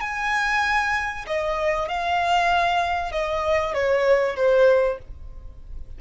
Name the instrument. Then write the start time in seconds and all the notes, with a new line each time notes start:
violin
0.00 G#5
1.26 D#5
1.88 F5
3.11 D#5
3.74 C#5
4.36 C5